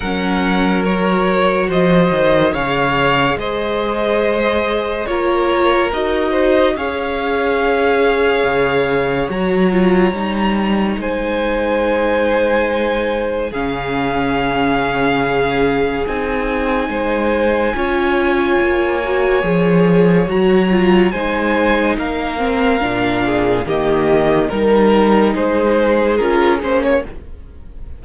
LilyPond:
<<
  \new Staff \with { instrumentName = "violin" } { \time 4/4 \tempo 4 = 71 fis''4 cis''4 dis''4 f''4 | dis''2 cis''4 dis''4 | f''2. ais''4~ | ais''4 gis''2. |
f''2. gis''4~ | gis''1 | ais''4 gis''4 f''2 | dis''4 ais'4 c''4 ais'8 c''16 cis''16 | }
  \new Staff \with { instrumentName = "violin" } { \time 4/4 ais'2 c''4 cis''4 | c''2 ais'4. c''8 | cis''1~ | cis''4 c''2. |
gis'1 | c''4 cis''2.~ | cis''4 c''4 ais'4. gis'8 | g'4 ais'4 gis'2 | }
  \new Staff \with { instrumentName = "viola" } { \time 4/4 cis'4 fis'2 gis'4~ | gis'2 f'4 fis'4 | gis'2. fis'8 f'8 | dis'1 |
cis'2. dis'4~ | dis'4 f'4. fis'8 gis'4 | fis'8 f'8 dis'4. c'8 d'4 | ais4 dis'2 f'8 cis'8 | }
  \new Staff \with { instrumentName = "cello" } { \time 4/4 fis2 f8 dis8 cis4 | gis2 ais4 dis'4 | cis'2 cis4 fis4 | g4 gis2. |
cis2. c'4 | gis4 cis'4 ais4 f4 | fis4 gis4 ais4 ais,4 | dis4 g4 gis4 cis'8 ais8 | }
>>